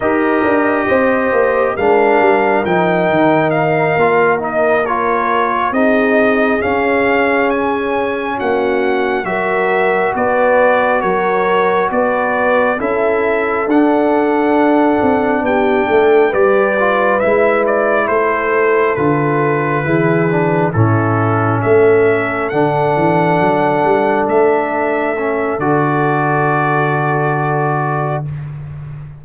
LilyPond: <<
  \new Staff \with { instrumentName = "trumpet" } { \time 4/4 \tempo 4 = 68 dis''2 f''4 g''4 | f''4 dis''8 cis''4 dis''4 f''8~ | f''8 gis''4 fis''4 e''4 d''8~ | d''8 cis''4 d''4 e''4 fis''8~ |
fis''4. g''4 d''4 e''8 | d''8 c''4 b'2 a'8~ | a'8 e''4 fis''2 e''8~ | e''4 d''2. | }
  \new Staff \with { instrumentName = "horn" } { \time 4/4 ais'4 c''4 ais'2~ | ais'2~ ais'8 gis'4.~ | gis'4. fis'4 ais'4 b'8~ | b'8 ais'4 b'4 a'4.~ |
a'4. g'8 a'8 b'4.~ | b'8 a'2 gis'4 e'8~ | e'8 a'2.~ a'8~ | a'1 | }
  \new Staff \with { instrumentName = "trombone" } { \time 4/4 g'2 d'4 dis'4~ | dis'8 f'8 dis'8 f'4 dis'4 cis'8~ | cis'2~ cis'8 fis'4.~ | fis'2~ fis'8 e'4 d'8~ |
d'2~ d'8 g'8 f'8 e'8~ | e'4. f'4 e'8 d'8 cis'8~ | cis'4. d'2~ d'8~ | d'8 cis'8 fis'2. | }
  \new Staff \with { instrumentName = "tuba" } { \time 4/4 dis'8 d'8 c'8 ais8 gis8 g8 f8 dis8~ | dis8 ais2 c'4 cis'8~ | cis'4. ais4 fis4 b8~ | b8 fis4 b4 cis'4 d'8~ |
d'4 c'8 b8 a8 g4 gis8~ | gis8 a4 d4 e4 a,8~ | a,8 a4 d8 e8 fis8 g8 a8~ | a4 d2. | }
>>